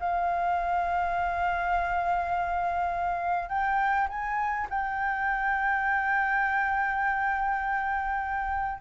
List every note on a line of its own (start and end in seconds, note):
0.00 3.49 F5
3.49 4.08 G5
4.09 4.68 G#5
4.70 8.82 G5